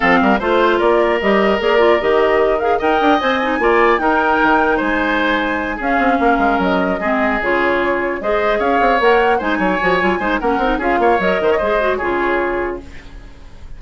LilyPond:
<<
  \new Staff \with { instrumentName = "flute" } { \time 4/4 \tempo 4 = 150 f''4 c''4 d''4 dis''4 | d''4 dis''4. f''8 g''4 | gis''2 g''2 | gis''2~ gis''8 f''4.~ |
f''8 dis''2 cis''4.~ | cis''8 dis''4 f''4 fis''4 gis''8~ | gis''2 fis''4 f''4 | dis''2 cis''2 | }
  \new Staff \with { instrumentName = "oboe" } { \time 4/4 a'8 ais'8 c''4 ais'2~ | ais'2. dis''4~ | dis''4 d''4 ais'2 | c''2~ c''8 gis'4 ais'8~ |
ais'4. gis'2~ gis'8~ | gis'8 c''4 cis''2 c''8 | cis''4. c''8 ais'4 gis'8 cis''8~ | cis''8 c''16 cis''16 c''4 gis'2 | }
  \new Staff \with { instrumentName = "clarinet" } { \time 4/4 c'4 f'2 g'4 | gis'8 f'8 g'4. gis'8 ais'4 | c''8 dis'8 f'4 dis'2~ | dis'2~ dis'8 cis'4.~ |
cis'4. c'4 f'4.~ | f'8 gis'2 ais'4 dis'8~ | dis'8 fis'8 f'8 dis'8 cis'8 dis'8 f'4 | ais'4 gis'8 fis'8 f'2 | }
  \new Staff \with { instrumentName = "bassoon" } { \time 4/4 f8 g8 a4 ais4 g4 | ais4 dis2 dis'8 d'8 | c'4 ais4 dis'4 dis4 | gis2~ gis8 cis'8 c'8 ais8 |
gis8 fis4 gis4 cis4.~ | cis8 gis4 cis'8 c'8 ais4 gis8 | fis8 f8 fis8 gis8 ais8 c'8 cis'8 ais8 | fis8 dis8 gis4 cis2 | }
>>